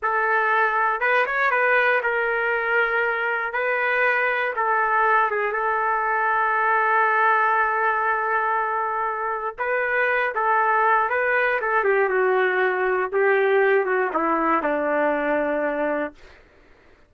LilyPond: \new Staff \with { instrumentName = "trumpet" } { \time 4/4 \tempo 4 = 119 a'2 b'8 cis''8 b'4 | ais'2. b'4~ | b'4 a'4. gis'8 a'4~ | a'1~ |
a'2. b'4~ | b'8 a'4. b'4 a'8 g'8 | fis'2 g'4. fis'8 | e'4 d'2. | }